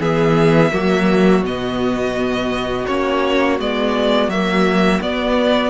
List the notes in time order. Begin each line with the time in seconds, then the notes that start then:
0.00 E3 B3 G#4 E5
0.72 F#3 A#3 F#4
1.42 B2 B3 D#5
2.86 A#3 C#4 C#5
3.60 G#3 B3 D5
4.29 F#3 A#3 E5
5.01 B3 D5